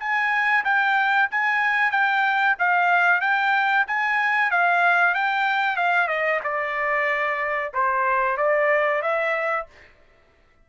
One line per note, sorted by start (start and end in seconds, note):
0.00 0.65 G#5
0.65 1.30 G5
1.31 1.91 G#5
1.91 2.56 G5
2.60 3.21 F5
3.21 3.86 G5
3.88 4.51 G#5
4.51 5.15 F5
5.15 5.77 G5
5.77 6.08 F5
6.08 6.40 D#5
6.44 7.73 D5
7.74 8.38 C5
8.38 9.02 D5
9.03 9.67 E5